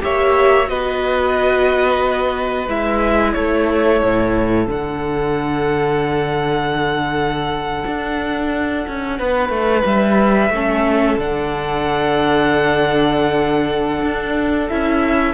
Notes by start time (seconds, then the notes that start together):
0.00 A#3 G4 C#5 E5
0.65 B3 F#4 B4 D#5
2.68 G#3 E4 E5
3.33 A3 A4 C#5
4.03 A2
4.67 D3 D4 F#5
7.86 D4
8.87 C#4
9.19 B3 B4
9.49 A3
9.85 G3 E5
10.50 A3 C#4 A4
11.17 D3 D4 F#5
14.02 D4
14.69 C#4 E4 E5